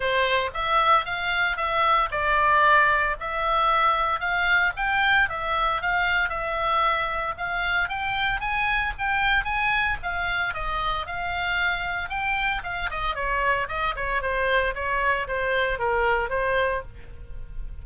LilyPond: \new Staff \with { instrumentName = "oboe" } { \time 4/4 \tempo 4 = 114 c''4 e''4 f''4 e''4 | d''2 e''2 | f''4 g''4 e''4 f''4 | e''2 f''4 g''4 |
gis''4 g''4 gis''4 f''4 | dis''4 f''2 g''4 | f''8 dis''8 cis''4 dis''8 cis''8 c''4 | cis''4 c''4 ais'4 c''4 | }